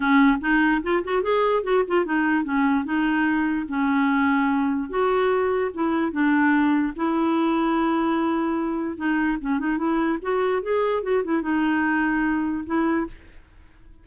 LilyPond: \new Staff \with { instrumentName = "clarinet" } { \time 4/4 \tempo 4 = 147 cis'4 dis'4 f'8 fis'8 gis'4 | fis'8 f'8 dis'4 cis'4 dis'4~ | dis'4 cis'2. | fis'2 e'4 d'4~ |
d'4 e'2.~ | e'2 dis'4 cis'8 dis'8 | e'4 fis'4 gis'4 fis'8 e'8 | dis'2. e'4 | }